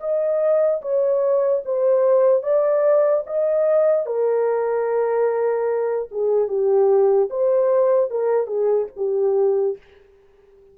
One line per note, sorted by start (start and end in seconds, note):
0.00 0.81 D#5
0.82 1.63 C#5
1.65 2.43 C5
2.43 3.24 D5
3.27 4.06 D#5
4.06 6.08 A#4
6.11 6.48 G#4
6.48 7.29 G4
7.30 8.10 C5
8.10 8.47 A#4
8.47 8.87 G#4
8.96 9.77 G4